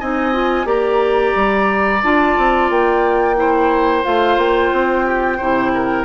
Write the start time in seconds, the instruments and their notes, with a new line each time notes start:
0.00 bassoon C4, clarinet D#4, oboe D#5, flute G#5
0.33 clarinet F4
0.65 bassoon A#3, clarinet G4, oboe D5, flute A#5
1.36 bassoon G3
2.03 bassoon D4, clarinet F4, flute A5
2.38 bassoon C4
2.70 bassoon A#3, flute G5
3.36 clarinet E4, oboe C5
4.04 bassoon A3, clarinet F4, flute F5
4.37 bassoon A#3, flute G5
4.72 bassoon C4
5.06 oboe G4
5.37 bassoon C3, clarinet E4, oboe C5
5.75 oboe A#4